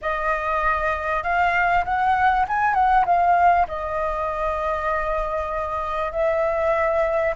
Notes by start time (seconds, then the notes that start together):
0.01 D#5
1.23 F5
1.85 F#5
2.48 G#5
2.74 F#5
3.05 F5
3.67 D#5
6.12 E5